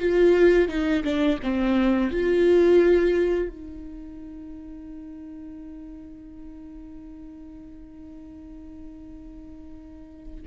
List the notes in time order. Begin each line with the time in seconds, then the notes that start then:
0.00 F4
0.69 D#4
1.04 D4
1.43 C4
2.12 F4
3.49 D#4